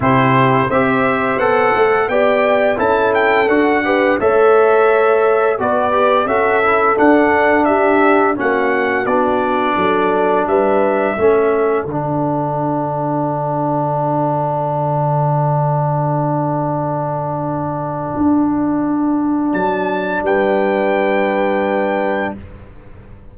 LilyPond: <<
  \new Staff \with { instrumentName = "trumpet" } { \time 4/4 \tempo 4 = 86 c''4 e''4 fis''4 g''4 | a''8 g''8 fis''4 e''2 | d''4 e''4 fis''4 e''4 | fis''4 d''2 e''4~ |
e''4 fis''2.~ | fis''1~ | fis''1 | a''4 g''2. | }
  \new Staff \with { instrumentName = "horn" } { \time 4/4 g'4 c''2 d''4 | a'4. b'8 cis''2 | b'4 a'2 g'4 | fis'2 a'4 b'4 |
a'1~ | a'1~ | a'1~ | a'4 b'2. | }
  \new Staff \with { instrumentName = "trombone" } { \time 4/4 e'4 g'4 a'4 g'4 | e'4 fis'8 g'8 a'2 | fis'8 g'8 fis'8 e'8 d'2 | cis'4 d'2. |
cis'4 d'2.~ | d'1~ | d'1~ | d'1 | }
  \new Staff \with { instrumentName = "tuba" } { \time 4/4 c4 c'4 b8 a8 b4 | cis'4 d'4 a2 | b4 cis'4 d'2 | ais4 b4 fis4 g4 |
a4 d2.~ | d1~ | d2 d'2 | fis4 g2. | }
>>